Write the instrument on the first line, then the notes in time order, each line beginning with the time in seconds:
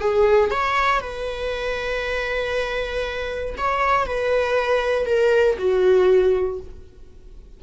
viola
0.00 G#4
0.51 C#5
1.01 B4
3.57 C#5
4.06 B4
5.06 A#4
5.58 F#4